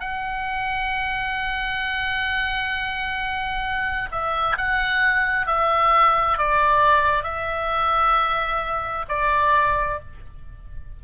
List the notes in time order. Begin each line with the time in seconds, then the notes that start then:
0.00 F#5
4.12 E5
4.58 F#5
5.47 E5
6.38 D5
7.24 E5
9.09 D5